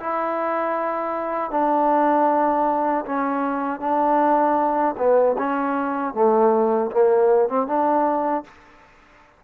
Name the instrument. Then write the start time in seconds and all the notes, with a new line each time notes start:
trombone
0.00 E4
1.51 D4
3.06 C#4
3.80 D4
4.98 B3
5.39 C#4
6.14 A3
6.92 A#3
7.49 C4
7.67 D4